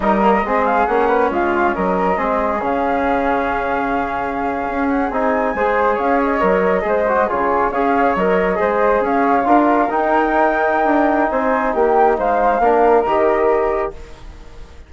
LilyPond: <<
  \new Staff \with { instrumentName = "flute" } { \time 4/4 \tempo 4 = 138 dis''4. f''8 fis''4 f''4 | dis''2 f''2~ | f''2.~ f''16 fis''8 gis''16~ | gis''4.~ gis''16 f''8 dis''4.~ dis''16~ |
dis''8. cis''4 f''4 dis''4~ dis''16~ | dis''8. f''2 g''4~ g''16~ | g''2 gis''4 g''4 | f''2 dis''2 | }
  \new Staff \with { instrumentName = "flute" } { \time 4/4 ais'4 gis'4. b'8 f'4 | ais'4 gis'2.~ | gis'1~ | gis'8. c''4 cis''2 c''16~ |
c''8. gis'4 cis''2 c''16~ | c''8. cis''4 ais'2~ ais'16~ | ais'2 c''4 g'4 | c''4 ais'2. | }
  \new Staff \with { instrumentName = "trombone" } { \time 4/4 dis'8 ais8 c'4 cis'2~ | cis'4 c'4 cis'2~ | cis'2.~ cis'8. dis'16~ | dis'8. gis'2 ais'4 gis'16~ |
gis'16 fis'8 f'4 gis'4 ais'4 gis'16~ | gis'4.~ gis'16 f'4 dis'4~ dis'16~ | dis'1~ | dis'4 d'4 g'2 | }
  \new Staff \with { instrumentName = "bassoon" } { \time 4/4 g4 gis4 ais4 gis4 | fis4 gis4 cis2~ | cis2~ cis8. cis'4 c'16~ | c'8. gis4 cis'4 fis4 gis16~ |
gis8. cis4 cis'4 fis4 gis16~ | gis8. cis'4 d'4 dis'4~ dis'16~ | dis'4 d'4 c'4 ais4 | gis4 ais4 dis2 | }
>>